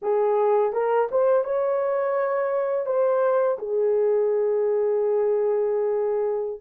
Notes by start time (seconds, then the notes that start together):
0.02 G#4
0.72 A#4
1.11 C5
1.44 C#5
2.86 C5
3.58 G#4